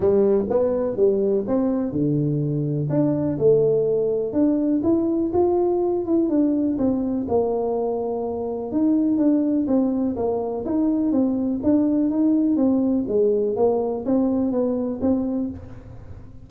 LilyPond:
\new Staff \with { instrumentName = "tuba" } { \time 4/4 \tempo 4 = 124 g4 b4 g4 c'4 | d2 d'4 a4~ | a4 d'4 e'4 f'4~ | f'8 e'8 d'4 c'4 ais4~ |
ais2 dis'4 d'4 | c'4 ais4 dis'4 c'4 | d'4 dis'4 c'4 gis4 | ais4 c'4 b4 c'4 | }